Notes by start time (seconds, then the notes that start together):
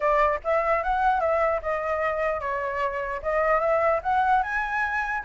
0.00 D5
0.44 E5
0.83 F#5
1.20 E5
1.61 D#5
2.40 C#5
3.22 D#5
3.60 E5
4.02 F#5
4.42 G#5